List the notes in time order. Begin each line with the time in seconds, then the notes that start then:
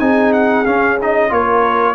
0.00 C4 D#4 G#4 G#5
0.33 F#5
0.66 C#4 F5
1.02 D#4 D#5
1.30 A#3 F4 A#4 C#5